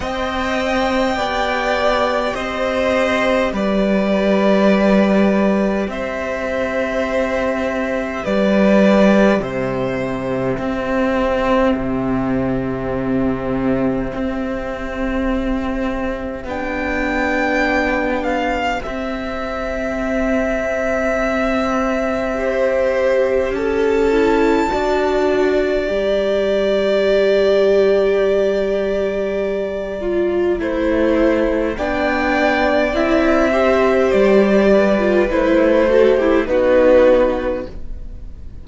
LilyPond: <<
  \new Staff \with { instrumentName = "violin" } { \time 4/4 \tempo 4 = 51 g''2 dis''4 d''4~ | d''4 e''2 d''4 | e''1~ | e''2 g''4. f''8 |
e''1 | a''2 ais''2~ | ais''2. g''4 | e''4 d''4 c''4 b'4 | }
  \new Staff \with { instrumentName = "violin" } { \time 4/4 dis''4 d''4 c''4 b'4~ | b'4 c''2 b'4 | c''4 g'2.~ | g'1~ |
g'2. c''4 | a'4 d''2.~ | d''2 c''4 d''4~ | d''8 c''4 b'4 a'16 g'16 fis'4 | }
  \new Staff \with { instrumentName = "viola" } { \time 4/4 c''4 g'2.~ | g'1~ | g'4 c'2.~ | c'2 d'2 |
c'2. g'4~ | g'8 e'8 fis'4 g'2~ | g'4. f'8 e'4 d'4 | e'8 g'4~ g'16 f'16 e'8 fis'16 e'16 dis'4 | }
  \new Staff \with { instrumentName = "cello" } { \time 4/4 c'4 b4 c'4 g4~ | g4 c'2 g4 | c4 c'4 c2 | c'2 b2 |
c'1 | cis'4 d'4 g2~ | g2 a4 b4 | c'4 g4 a4 b4 | }
>>